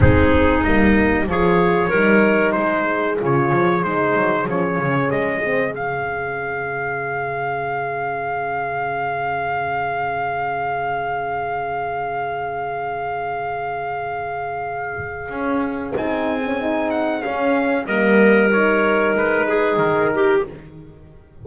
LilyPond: <<
  \new Staff \with { instrumentName = "trumpet" } { \time 4/4 \tempo 4 = 94 gis'4 dis''4 cis''2 | c''4 cis''4 c''4 cis''4 | dis''4 f''2.~ | f''1~ |
f''1~ | f''1~ | f''4 gis''4. fis''8 f''4 | dis''4 cis''4 b'4 ais'4 | }
  \new Staff \with { instrumentName = "clarinet" } { \time 4/4 dis'2 gis'4 ais'4 | gis'1~ | gis'1~ | gis'1~ |
gis'1~ | gis'1~ | gis'1 | ais'2~ ais'8 gis'4 g'8 | }
  \new Staff \with { instrumentName = "horn" } { \time 4/4 c'4 ais4 f'4 dis'4~ | dis'4 f'4 dis'4 cis'4~ | cis'8 c'8 cis'2.~ | cis'1~ |
cis'1~ | cis'1~ | cis'4 dis'8. cis'16 dis'4 cis'4 | ais4 dis'2. | }
  \new Staff \with { instrumentName = "double bass" } { \time 4/4 gis4 g4 f4 g4 | gis4 cis8 f8 gis8 fis8 f8 cis8 | gis4 cis2.~ | cis1~ |
cis1~ | cis1 | cis'4 c'2 cis'4 | g2 gis4 dis4 | }
>>